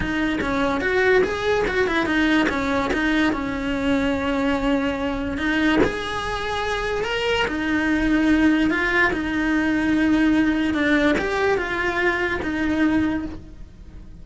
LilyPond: \new Staff \with { instrumentName = "cello" } { \time 4/4 \tempo 4 = 145 dis'4 cis'4 fis'4 gis'4 | fis'8 e'8 dis'4 cis'4 dis'4 | cis'1~ | cis'4 dis'4 gis'2~ |
gis'4 ais'4 dis'2~ | dis'4 f'4 dis'2~ | dis'2 d'4 g'4 | f'2 dis'2 | }